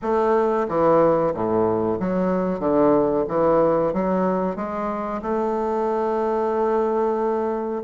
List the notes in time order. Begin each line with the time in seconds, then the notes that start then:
0.02 A3
0.68 E3
1.33 A2
1.99 F#3
2.59 D3
3.28 E3
3.93 F#3
4.56 G#3
5.21 A3